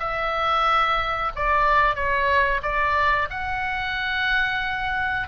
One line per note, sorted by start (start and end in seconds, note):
0.00 1.32 E5
1.36 1.96 D5
1.96 2.62 C#5
2.63 3.29 D5
3.31 5.28 F#5